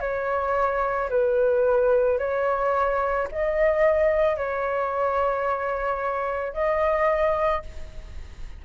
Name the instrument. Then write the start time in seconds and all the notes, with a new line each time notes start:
flute
0.00 C#5
1.09 B4
2.18 C#5
3.31 D#5
4.36 C#5
6.53 D#5